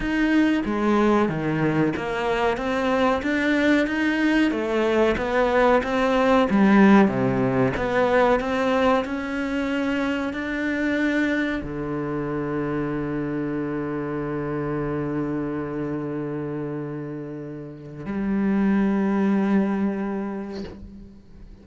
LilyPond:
\new Staff \with { instrumentName = "cello" } { \time 4/4 \tempo 4 = 93 dis'4 gis4 dis4 ais4 | c'4 d'4 dis'4 a4 | b4 c'4 g4 c4 | b4 c'4 cis'2 |
d'2 d2~ | d1~ | d1 | g1 | }